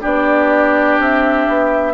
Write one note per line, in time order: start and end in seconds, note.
0.00 0.98 B3
0.00 1.93 D4
0.00 1.93 G4
0.00 1.00 D5
0.98 1.47 C4
0.98 1.93 E5
1.47 1.93 B3